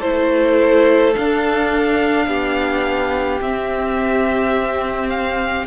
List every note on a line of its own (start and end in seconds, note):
0.00 1.15 A3
0.00 1.14 E4
0.00 2.26 A4
0.00 1.14 C5
1.14 3.41 D4
1.14 2.28 D4
1.14 3.41 F5
2.27 3.41 B3
2.27 5.67 G4
3.41 5.67 C4
3.41 5.09 E5
5.09 5.66 F5